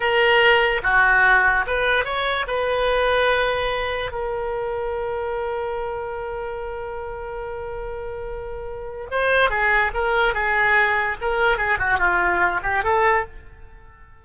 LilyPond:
\new Staff \with { instrumentName = "oboe" } { \time 4/4 \tempo 4 = 145 ais'2 fis'2 | b'4 cis''4 b'2~ | b'2 ais'2~ | ais'1~ |
ais'1~ | ais'2 c''4 gis'4 | ais'4 gis'2 ais'4 | gis'8 fis'8 f'4. g'8 a'4 | }